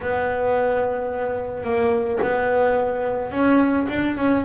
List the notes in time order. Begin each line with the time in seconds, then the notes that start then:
0.01 B3
1.63 A#3
2.22 B3
3.31 C#4
3.89 D4
4.16 C#4